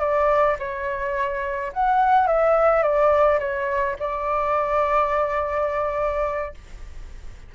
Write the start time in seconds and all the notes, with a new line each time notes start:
0.00 D5
0.59 C#5
1.73 F#5
2.27 E5
2.83 D5
3.40 C#5
4.00 D5